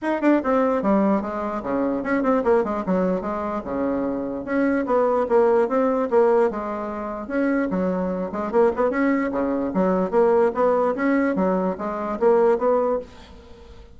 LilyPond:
\new Staff \with { instrumentName = "bassoon" } { \time 4/4 \tempo 4 = 148 dis'8 d'8 c'4 g4 gis4 | cis4 cis'8 c'8 ais8 gis8 fis4 | gis4 cis2 cis'4 | b4 ais4 c'4 ais4 |
gis2 cis'4 fis4~ | fis8 gis8 ais8 b8 cis'4 cis4 | fis4 ais4 b4 cis'4 | fis4 gis4 ais4 b4 | }